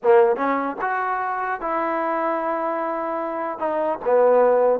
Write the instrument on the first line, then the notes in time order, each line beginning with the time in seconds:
trombone
0.03 A#3
0.36 C#4
0.81 F#4
1.61 E4
3.58 D#4
4.04 B3